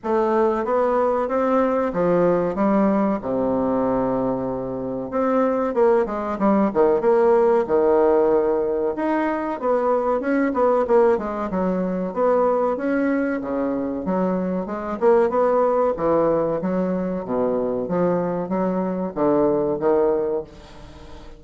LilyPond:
\new Staff \with { instrumentName = "bassoon" } { \time 4/4 \tempo 4 = 94 a4 b4 c'4 f4 | g4 c2. | c'4 ais8 gis8 g8 dis8 ais4 | dis2 dis'4 b4 |
cis'8 b8 ais8 gis8 fis4 b4 | cis'4 cis4 fis4 gis8 ais8 | b4 e4 fis4 b,4 | f4 fis4 d4 dis4 | }